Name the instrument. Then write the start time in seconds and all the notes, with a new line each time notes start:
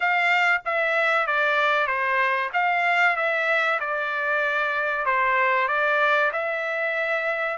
trumpet
0.00 F5
0.65 E5
1.26 D5
1.87 C5
2.53 F5
3.16 E5
3.80 D5
5.05 C5
5.68 D5
6.32 E5